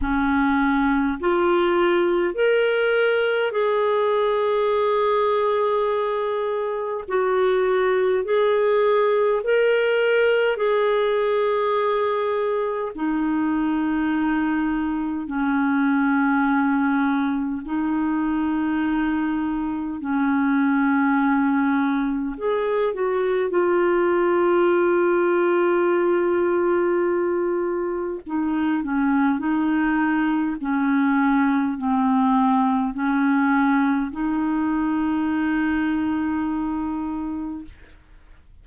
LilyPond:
\new Staff \with { instrumentName = "clarinet" } { \time 4/4 \tempo 4 = 51 cis'4 f'4 ais'4 gis'4~ | gis'2 fis'4 gis'4 | ais'4 gis'2 dis'4~ | dis'4 cis'2 dis'4~ |
dis'4 cis'2 gis'8 fis'8 | f'1 | dis'8 cis'8 dis'4 cis'4 c'4 | cis'4 dis'2. | }